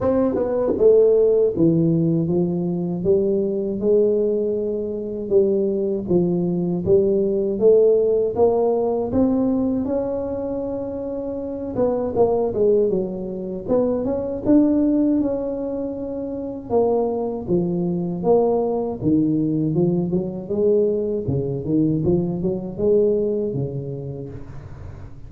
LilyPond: \new Staff \with { instrumentName = "tuba" } { \time 4/4 \tempo 4 = 79 c'8 b8 a4 e4 f4 | g4 gis2 g4 | f4 g4 a4 ais4 | c'4 cis'2~ cis'8 b8 |
ais8 gis8 fis4 b8 cis'8 d'4 | cis'2 ais4 f4 | ais4 dis4 f8 fis8 gis4 | cis8 dis8 f8 fis8 gis4 cis4 | }